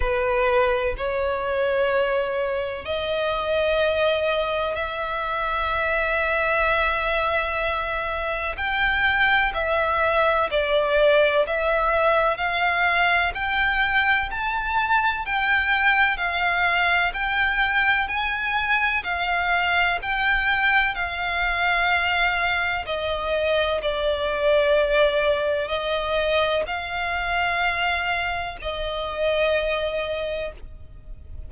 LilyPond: \new Staff \with { instrumentName = "violin" } { \time 4/4 \tempo 4 = 63 b'4 cis''2 dis''4~ | dis''4 e''2.~ | e''4 g''4 e''4 d''4 | e''4 f''4 g''4 a''4 |
g''4 f''4 g''4 gis''4 | f''4 g''4 f''2 | dis''4 d''2 dis''4 | f''2 dis''2 | }